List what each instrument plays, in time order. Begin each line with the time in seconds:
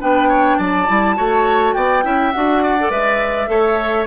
0.00 bassoon B3, clarinet D4, oboe B4, flute G5
0.28 oboe C#5
0.57 bassoon F#3, oboe D5, flute A5
0.87 bassoon G3, clarinet E4
1.15 bassoon A3, clarinet F#4, oboe C#5
1.74 bassoon B3, oboe D5, flute G5
2.03 bassoon C#4, clarinet E4, oboe E5
2.32 bassoon D4, clarinet F#4, flute F#5
2.62 oboe D5
2.80 clarinet A4
2.90 bassoon G#3, clarinet B4, flute E5
3.47 bassoon A3, clarinet A4, oboe C#5